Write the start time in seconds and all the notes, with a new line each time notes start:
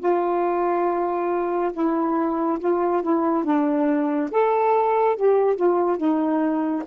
0.00 F4
1.73 E4
2.59 F4
3.02 E4
3.44 D4
4.31 A4
5.16 G4
5.56 F4
5.97 D#4